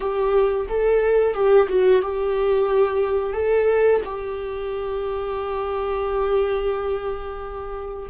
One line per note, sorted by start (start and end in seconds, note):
0.00 0.66 G4
0.68 1.34 A4
1.34 1.67 G4
1.69 2.01 F#4
2.01 3.33 G4
3.33 4.00 A4
4.04 8.09 G4